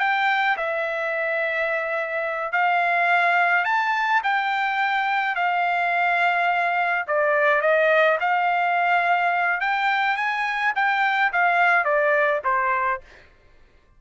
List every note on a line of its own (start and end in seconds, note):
0.00 0.57 G5
0.57 2.52 E5
2.52 3.65 F5
3.65 4.21 A5
4.23 5.35 G5
5.35 7.05 F5
7.07 7.62 D5
7.62 8.18 D#5
8.20 9.61 F5
9.61 10.17 G5
10.17 10.73 G#5
10.75 11.32 G5
11.33 11.85 F5
11.85 12.41 D5
12.45 13.01 C5